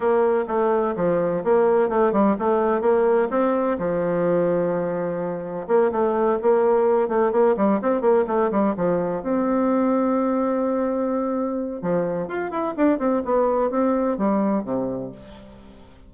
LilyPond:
\new Staff \with { instrumentName = "bassoon" } { \time 4/4 \tempo 4 = 127 ais4 a4 f4 ais4 | a8 g8 a4 ais4 c'4 | f1 | ais8 a4 ais4. a8 ais8 |
g8 c'8 ais8 a8 g8 f4 c'8~ | c'1~ | c'4 f4 f'8 e'8 d'8 c'8 | b4 c'4 g4 c4 | }